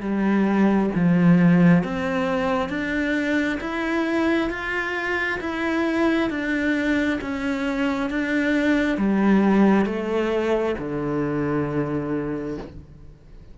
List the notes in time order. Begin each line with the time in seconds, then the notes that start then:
0.00 G3
0.94 F3
1.83 C4
2.69 D4
3.60 E4
4.50 F4
5.40 E4
6.30 D4
7.21 C#4
8.10 D4
8.98 G3
9.85 A3
10.78 D3